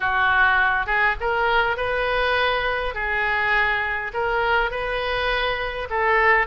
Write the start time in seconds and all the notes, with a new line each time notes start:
0.00 F#4
0.86 G#4
1.20 A#4
1.76 B4
2.94 G#4
4.13 A#4
4.71 B4
5.90 A4